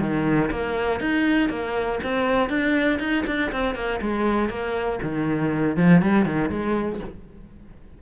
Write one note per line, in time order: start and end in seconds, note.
0.00 0.50 D#3
0.51 1.00 A#3
1.00 1.49 D#4
1.49 1.99 A#3
2.03 2.49 C4
2.49 2.99 D4
2.99 3.24 D#4
3.26 3.51 D4
3.52 3.75 C4
3.75 4.00 A#3
4.01 4.49 G#3
4.49 4.99 A#3
5.02 5.76 D#3
5.76 6.01 F3
6.02 6.25 G3
6.25 6.50 D#3
6.50 7.00 G#3